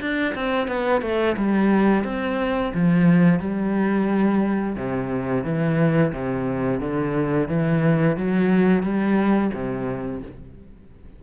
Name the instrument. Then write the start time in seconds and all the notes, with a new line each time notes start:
cello
0.00 D4
0.34 C4
0.67 B3
1.01 A3
1.36 G3
2.04 C4
2.74 F3
3.39 G3
4.75 C3
5.44 E3
6.13 C3
6.80 D3
7.48 E3
8.17 F#3
8.82 G3
9.53 C3